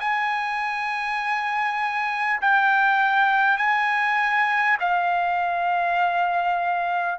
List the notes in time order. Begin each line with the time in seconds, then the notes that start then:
0.00 G#5
2.41 G5
3.58 G#5
4.80 F5